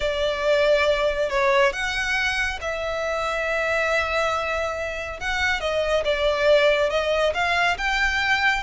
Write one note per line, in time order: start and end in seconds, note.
0.00 1.29 D5
1.29 1.72 C#5
1.73 2.59 F#5
2.61 5.20 E5
5.20 5.60 F#5
5.60 6.03 D#5
6.04 6.89 D5
6.89 7.33 D#5
7.33 7.77 F5
7.77 8.63 G5